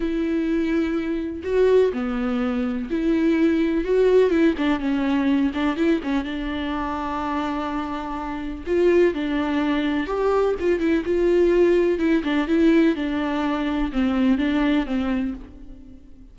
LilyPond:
\new Staff \with { instrumentName = "viola" } { \time 4/4 \tempo 4 = 125 e'2. fis'4 | b2 e'2 | fis'4 e'8 d'8 cis'4. d'8 | e'8 cis'8 d'2.~ |
d'2 f'4 d'4~ | d'4 g'4 f'8 e'8 f'4~ | f'4 e'8 d'8 e'4 d'4~ | d'4 c'4 d'4 c'4 | }